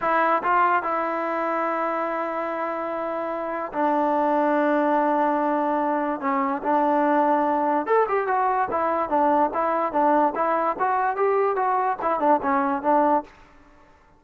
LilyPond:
\new Staff \with { instrumentName = "trombone" } { \time 4/4 \tempo 4 = 145 e'4 f'4 e'2~ | e'1~ | e'4 d'2.~ | d'2. cis'4 |
d'2. a'8 g'8 | fis'4 e'4 d'4 e'4 | d'4 e'4 fis'4 g'4 | fis'4 e'8 d'8 cis'4 d'4 | }